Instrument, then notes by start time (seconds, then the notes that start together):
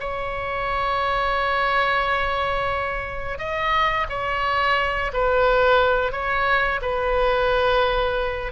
oboe
0.00 C#5
3.38 D#5
4.09 C#5
5.13 B4
6.12 C#5
6.82 B4